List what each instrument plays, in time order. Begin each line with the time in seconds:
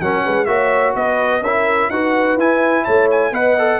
0.00 tuba F#3, trombone C#4, horn A#4, trumpet F#5
0.23 tuba G#3, horn B4
0.45 tuba A#3, trombone F#4, horn C#5, trumpet E5
0.95 tuba B3, horn B4, trumpet D#5
1.41 tuba C#4, trombone E4, horn A#4, trumpet E5
1.89 tuba D#4, trombone F#4, horn B4, trumpet F#5
2.36 tuba E4, trombone E4, trumpet G#5
2.84 tuba A3, horn C#5, trumpet A5
3.10 trumpet G#5
3.31 tuba B3, trombone B4, horn D#5, trumpet F#5
3.58 trombone A4